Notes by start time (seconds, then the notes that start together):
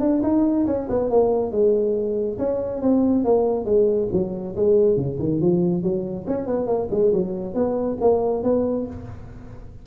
0.00 D4
0.23 D#4
0.67 C#4
0.89 B3
1.10 A#3
1.52 G#3
2.38 C#4
2.81 C4
3.24 A#3
3.65 G#3
4.12 F#3
4.56 G#3
4.96 C#3
5.19 D#3
5.41 F3
5.83 F#3
6.27 C#4
6.46 B3
6.67 A#3
6.91 G#3
7.13 F#3
7.54 B3
8.01 A#3
8.43 B3